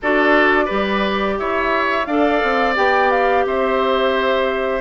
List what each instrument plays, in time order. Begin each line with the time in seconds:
0.01 bassoon D4, clarinet F#4, oboe A4, flute D5
0.65 bassoon G3, clarinet G4, oboe B4
1.38 bassoon E4, oboe C#5, flute E5
2.05 bassoon D4, clarinet A4, oboe D5, flute F5
2.43 bassoon C4
2.75 bassoon B3, clarinet G4, flute G5
3.10 flute F5
3.45 bassoon C4, oboe C5, flute E5